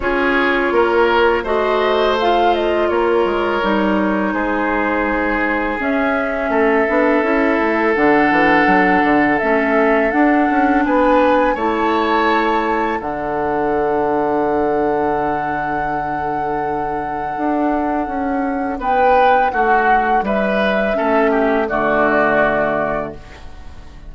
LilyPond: <<
  \new Staff \with { instrumentName = "flute" } { \time 4/4 \tempo 4 = 83 cis''2 dis''4 f''8 dis''8 | cis''2 c''2 | e''2. fis''4~ | fis''4 e''4 fis''4 gis''4 |
a''2 fis''2~ | fis''1~ | fis''2 g''4 fis''4 | e''2 d''2 | }
  \new Staff \with { instrumentName = "oboe" } { \time 4/4 gis'4 ais'4 c''2 | ais'2 gis'2~ | gis'4 a'2.~ | a'2. b'4 |
cis''2 a'2~ | a'1~ | a'2 b'4 fis'4 | b'4 a'8 g'8 fis'2 | }
  \new Staff \with { instrumentName = "clarinet" } { \time 4/4 f'2 fis'4 f'4~ | f'4 dis'2. | cis'4. d'8 e'4 d'4~ | d'4 cis'4 d'2 |
e'2 d'2~ | d'1~ | d'1~ | d'4 cis'4 a2 | }
  \new Staff \with { instrumentName = "bassoon" } { \time 4/4 cis'4 ais4 a2 | ais8 gis8 g4 gis2 | cis'4 a8 b8 cis'8 a8 d8 e8 | fis8 d8 a4 d'8 cis'8 b4 |
a2 d2~ | d1 | d'4 cis'4 b4 a4 | g4 a4 d2 | }
>>